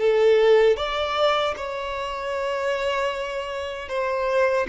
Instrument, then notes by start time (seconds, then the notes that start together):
violin
0.00 A4
0.77 D5
1.57 C#5
3.89 C5